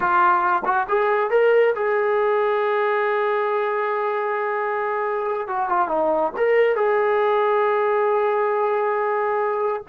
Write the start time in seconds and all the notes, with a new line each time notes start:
0.00 F4
0.65 F#4
0.88 G#4
1.30 A#4
1.75 G#4
5.47 F#4
5.69 F4
5.88 D#4
6.36 A#4
6.75 G#4